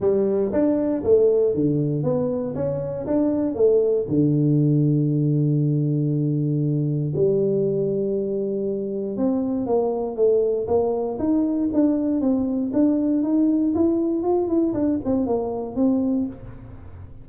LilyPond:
\new Staff \with { instrumentName = "tuba" } { \time 4/4 \tempo 4 = 118 g4 d'4 a4 d4 | b4 cis'4 d'4 a4 | d1~ | d2 g2~ |
g2 c'4 ais4 | a4 ais4 dis'4 d'4 | c'4 d'4 dis'4 e'4 | f'8 e'8 d'8 c'8 ais4 c'4 | }